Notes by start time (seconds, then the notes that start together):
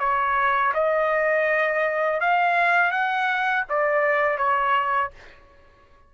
0.00 C#5
0.74 D#5
2.21 F5
2.91 F#5
3.70 D5
4.38 C#5